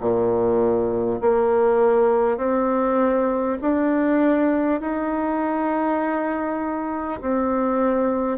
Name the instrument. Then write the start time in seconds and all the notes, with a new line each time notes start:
bassoon
0.00 A#2
1.21 A#3
2.37 C4
3.62 D4
4.81 D#4
7.21 C4